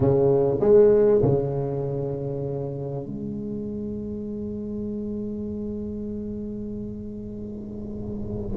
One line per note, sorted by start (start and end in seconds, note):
0.00 0.59 C#3
0.60 1.21 G#3
1.22 3.06 C#3
3.06 8.57 G#3